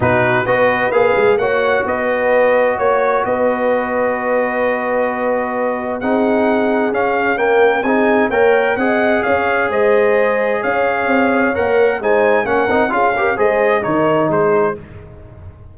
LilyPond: <<
  \new Staff \with { instrumentName = "trumpet" } { \time 4/4 \tempo 4 = 130 b'4 dis''4 f''4 fis''4 | dis''2 cis''4 dis''4~ | dis''1~ | dis''4 fis''2 f''4 |
g''4 gis''4 g''4 fis''4 | f''4 dis''2 f''4~ | f''4 fis''4 gis''4 fis''4 | f''4 dis''4 cis''4 c''4 | }
  \new Staff \with { instrumentName = "horn" } { \time 4/4 fis'4 b'2 cis''4 | b'2 cis''4 b'4~ | b'1~ | b'4 gis'2. |
ais'4 gis'4 cis''4 dis''4 | cis''4 c''2 cis''4~ | cis''2 c''4 ais'4 | gis'8 ais'8 c''4 ais'4 gis'4 | }
  \new Staff \with { instrumentName = "trombone" } { \time 4/4 dis'4 fis'4 gis'4 fis'4~ | fis'1~ | fis'1~ | fis'4 dis'2 cis'4 |
ais4 dis'4 ais'4 gis'4~ | gis'1~ | gis'4 ais'4 dis'4 cis'8 dis'8 | f'8 g'8 gis'4 dis'2 | }
  \new Staff \with { instrumentName = "tuba" } { \time 4/4 b,4 b4 ais8 gis8 ais4 | b2 ais4 b4~ | b1~ | b4 c'2 cis'4~ |
cis'4 c'4 ais4 c'4 | cis'4 gis2 cis'4 | c'4 ais4 gis4 ais8 c'8 | cis'4 gis4 dis4 gis4 | }
>>